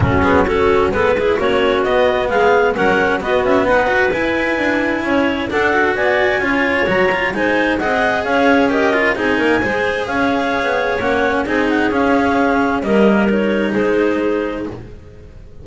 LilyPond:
<<
  \new Staff \with { instrumentName = "clarinet" } { \time 4/4 \tempo 4 = 131 fis'8 gis'8 a'4 b'4 cis''4 | dis''4 f''4 fis''4 dis''8 e''8 | fis''4 gis''2. | fis''4 gis''2 ais''4 |
gis''4 fis''4 f''4 dis''4 | gis''2 f''2 | fis''4 gis''8 fis''8 f''2 | dis''4 cis''4 c''2 | }
  \new Staff \with { instrumentName = "clarinet" } { \time 4/4 cis'4 fis'4 a'8 gis'8 fis'4~ | fis'4 gis'4 ais'4 fis'4 | b'2. cis''4 | a'4 d''4 cis''2 |
c''4 dis''4 cis''4 ais'4 | gis'8 ais'8 c''4 cis''2~ | cis''4 gis'2. | ais'2 gis'2 | }
  \new Staff \with { instrumentName = "cello" } { \time 4/4 a8 b8 cis'4 b8 e'8 cis'4 | b2 cis'4 b4~ | b8 fis'8 e'2. | d'8 fis'4. f'4 fis'8 f'8 |
dis'4 gis'2 g'8 f'8 | dis'4 gis'2. | cis'4 dis'4 cis'2 | ais4 dis'2. | }
  \new Staff \with { instrumentName = "double bass" } { \time 4/4 fis2 gis4 ais4 | b4 gis4 fis4 b8 cis'8 | dis'4 e'4 d'4 cis'4 | d'4 b4 cis'4 fis4 |
gis4 c'4 cis'2 | c'8 ais8 gis4 cis'4~ cis'16 b8. | ais4 c'4 cis'2 | g2 gis2 | }
>>